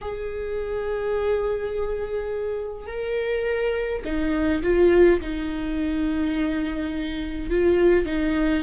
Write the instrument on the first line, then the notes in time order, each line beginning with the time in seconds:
viola
0.01 G#4
2.86 A#4
4.04 D#4
4.63 F4
5.21 D#4
7.50 F4
8.05 D#4